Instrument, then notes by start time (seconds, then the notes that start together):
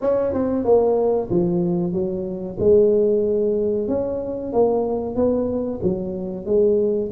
tuba
0.01 C#4
0.33 C4
0.65 A#3
1.30 F3
1.92 F#3
2.59 G#3
3.88 C#4
4.52 A#3
5.15 B3
5.82 F#3
6.45 G#3